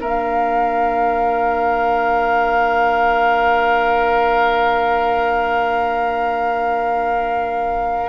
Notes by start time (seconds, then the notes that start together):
0.00 A#3 D4 A#4 F5